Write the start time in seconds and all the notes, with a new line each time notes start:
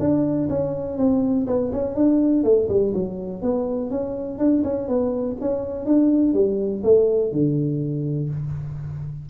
0.00 D4
0.49 C#4
0.98 C4
1.47 B3
1.73 C#4
1.95 D4
2.44 A3
2.69 G3
2.94 F#3
3.42 B3
3.90 C#4
4.39 D4
4.64 C#4
4.88 B3
5.41 C#4
5.86 D4
6.34 G3
6.84 A3
7.32 D3